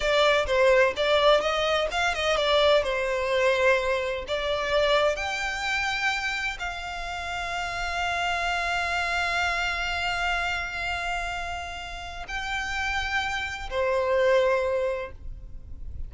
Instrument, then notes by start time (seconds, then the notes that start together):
violin
0.00 D5
0.46 C5
0.96 D5
1.40 D#5
1.91 F5
2.14 D#5
2.36 D5
2.83 C5
4.27 D5
5.16 G5
6.59 F5
12.28 G5
13.69 C5